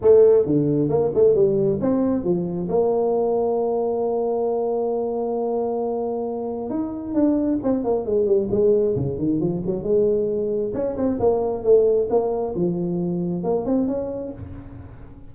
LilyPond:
\new Staff \with { instrumentName = "tuba" } { \time 4/4 \tempo 4 = 134 a4 d4 ais8 a8 g4 | c'4 f4 ais2~ | ais1~ | ais2. dis'4 |
d'4 c'8 ais8 gis8 g8 gis4 | cis8 dis8 f8 fis8 gis2 | cis'8 c'8 ais4 a4 ais4 | f2 ais8 c'8 cis'4 | }